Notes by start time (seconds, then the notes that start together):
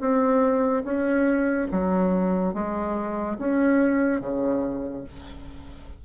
0.00 C4
0.84 C#4
1.71 F#3
2.53 G#3
3.39 C#4
4.20 C#3